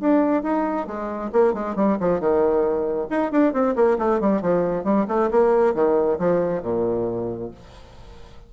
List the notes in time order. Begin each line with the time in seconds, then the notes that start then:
0.00 D4
0.43 D#4
0.86 G#3
1.32 A#3
1.53 G#3
1.75 G3
2.00 F3
2.20 D#3
3.10 D#4
3.32 D4
3.53 C4
3.75 A#3
3.98 A3
4.20 G3
4.42 F3
4.84 G3
5.08 A3
5.31 A#3
5.74 D#3
6.19 F3
6.62 A#2